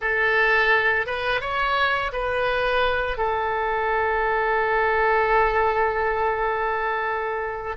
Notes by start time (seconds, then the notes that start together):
0.01 A4
1.06 B4
1.41 C#5
2.12 B4
3.17 A4